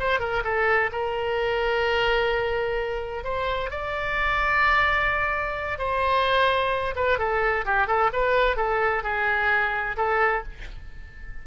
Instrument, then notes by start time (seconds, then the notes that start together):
oboe
0.00 C5
0.20 A#4
0.44 A4
0.92 A#4
3.25 C5
3.71 D5
5.79 C5
6.96 B4
7.19 A4
7.66 G4
7.88 A4
8.13 B4
8.57 A4
9.04 G#4
9.97 A4